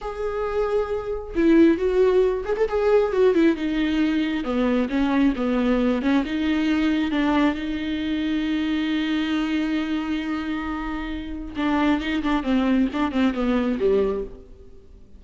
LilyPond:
\new Staff \with { instrumentName = "viola" } { \time 4/4 \tempo 4 = 135 gis'2. e'4 | fis'4. gis'16 a'16 gis'4 fis'8 e'8 | dis'2 b4 cis'4 | b4. cis'8 dis'2 |
d'4 dis'2.~ | dis'1~ | dis'2 d'4 dis'8 d'8 | c'4 d'8 c'8 b4 g4 | }